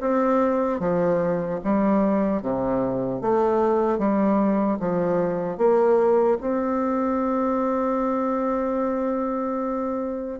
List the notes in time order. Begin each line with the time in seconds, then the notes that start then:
0.00 C4
0.79 F3
1.64 G3
2.42 C3
3.21 A3
3.98 G3
4.79 F3
5.57 A#3
6.40 C4